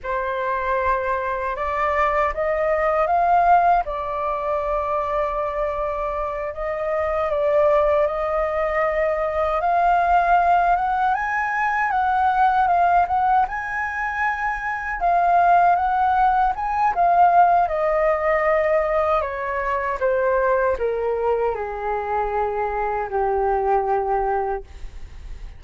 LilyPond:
\new Staff \with { instrumentName = "flute" } { \time 4/4 \tempo 4 = 78 c''2 d''4 dis''4 | f''4 d''2.~ | d''8 dis''4 d''4 dis''4.~ | dis''8 f''4. fis''8 gis''4 fis''8~ |
fis''8 f''8 fis''8 gis''2 f''8~ | f''8 fis''4 gis''8 f''4 dis''4~ | dis''4 cis''4 c''4 ais'4 | gis'2 g'2 | }